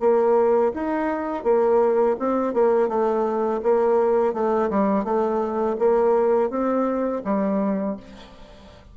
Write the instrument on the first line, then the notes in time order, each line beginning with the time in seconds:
bassoon
0.00 A#3
0.74 D#4
1.43 A#3
2.19 C4
2.53 A#3
2.88 A3
3.63 A#3
4.33 A3
4.70 G3
5.04 A3
5.79 A#3
6.50 C4
7.24 G3